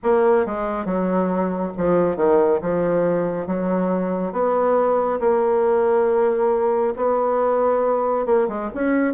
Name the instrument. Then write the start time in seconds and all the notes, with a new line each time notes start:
bassoon
0.03 A#3
0.45 G#3
0.85 F#3
1.77 F3
2.16 D#3
2.61 F3
3.47 F#3
4.32 B3
5.20 A#3
6.96 B3
8.26 A#3
8.48 G#3
8.74 C#4